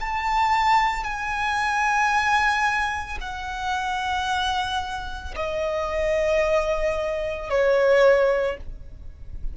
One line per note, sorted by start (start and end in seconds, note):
0.00 1.03 A5
1.03 3.18 G#5
3.20 5.34 F#5
5.35 7.50 D#5
7.50 8.57 C#5